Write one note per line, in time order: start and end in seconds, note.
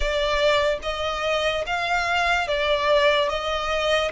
0.00 0.78 D5
0.82 1.64 D#5
1.66 2.47 F5
2.47 3.29 D5
3.29 4.11 D#5